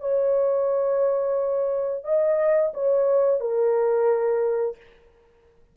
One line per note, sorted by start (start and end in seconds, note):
0.00 2.04 C#5
2.04 2.72 D#5
2.73 3.40 C#5
3.40 4.76 A#4